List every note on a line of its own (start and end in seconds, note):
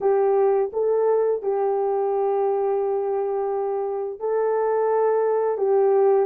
0.01 0.70 G4
0.72 1.42 A4
1.42 4.19 G4
4.19 5.57 A4
5.57 6.26 G4